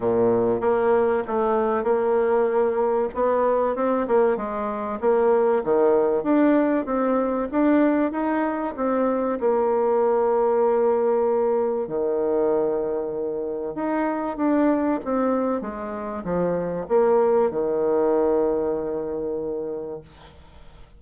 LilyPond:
\new Staff \with { instrumentName = "bassoon" } { \time 4/4 \tempo 4 = 96 ais,4 ais4 a4 ais4~ | ais4 b4 c'8 ais8 gis4 | ais4 dis4 d'4 c'4 | d'4 dis'4 c'4 ais4~ |
ais2. dis4~ | dis2 dis'4 d'4 | c'4 gis4 f4 ais4 | dis1 | }